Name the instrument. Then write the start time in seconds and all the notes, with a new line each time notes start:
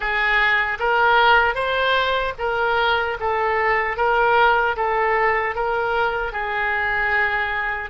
oboe
0.00 G#4
0.79 A#4
1.54 C5
2.38 A#4
3.20 A4
3.97 A#4
4.76 A4
5.55 A#4
6.32 G#4